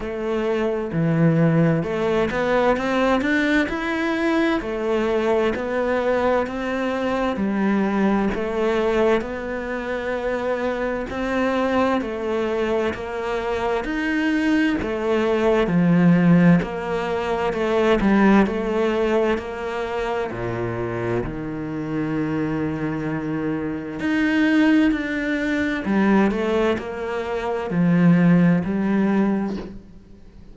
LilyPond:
\new Staff \with { instrumentName = "cello" } { \time 4/4 \tempo 4 = 65 a4 e4 a8 b8 c'8 d'8 | e'4 a4 b4 c'4 | g4 a4 b2 | c'4 a4 ais4 dis'4 |
a4 f4 ais4 a8 g8 | a4 ais4 ais,4 dis4~ | dis2 dis'4 d'4 | g8 a8 ais4 f4 g4 | }